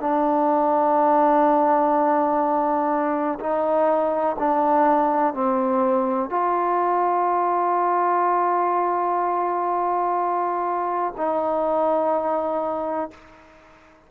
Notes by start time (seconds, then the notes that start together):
0.00 D4
3.39 D#4
4.39 D4
5.34 C4
6.29 F4
11.17 D#4